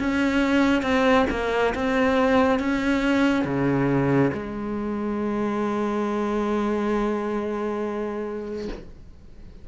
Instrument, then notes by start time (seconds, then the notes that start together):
cello
0.00 C#4
0.83 C4
1.31 A#3
1.75 C4
2.60 C#4
3.45 C#3
4.34 G#3